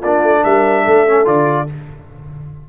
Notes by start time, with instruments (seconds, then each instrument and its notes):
0.00 tuba A#3, trombone D4, horn F4, trumpet D5
0.21 tuba A3
0.43 tuba G3, horn A#4, trumpet E5
0.84 tuba A3, horn A4
1.07 trombone C#4
1.25 tuba D3, trombone F4, trumpet D5